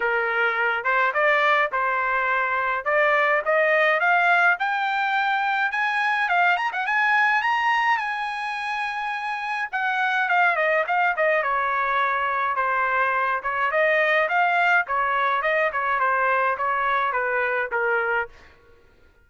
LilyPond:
\new Staff \with { instrumentName = "trumpet" } { \time 4/4 \tempo 4 = 105 ais'4. c''8 d''4 c''4~ | c''4 d''4 dis''4 f''4 | g''2 gis''4 f''8 ais''16 fis''16 | gis''4 ais''4 gis''2~ |
gis''4 fis''4 f''8 dis''8 f''8 dis''8 | cis''2 c''4. cis''8 | dis''4 f''4 cis''4 dis''8 cis''8 | c''4 cis''4 b'4 ais'4 | }